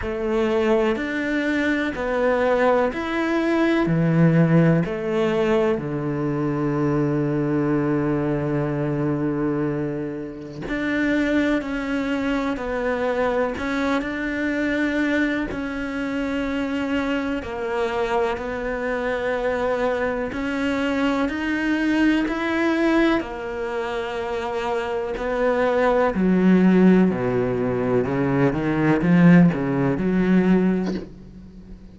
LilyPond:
\new Staff \with { instrumentName = "cello" } { \time 4/4 \tempo 4 = 62 a4 d'4 b4 e'4 | e4 a4 d2~ | d2. d'4 | cis'4 b4 cis'8 d'4. |
cis'2 ais4 b4~ | b4 cis'4 dis'4 e'4 | ais2 b4 fis4 | b,4 cis8 dis8 f8 cis8 fis4 | }